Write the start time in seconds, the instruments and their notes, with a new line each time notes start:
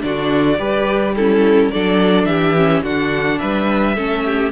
0.00 cello D3, viola D4, violin F#4 D5
0.58 cello G3, viola G4, violin B4
1.15 viola C#4, violin E4 A4
1.71 cello F#3, viola D4, violin A4 D5
2.25 cello E3, violin G4 E5
2.56 viola C#4
2.83 cello D3, viola D4, violin F#4 F#5
3.39 cello G3, violin B4 E5
3.95 cello A3, viola C#4, violin A4
4.25 violin G4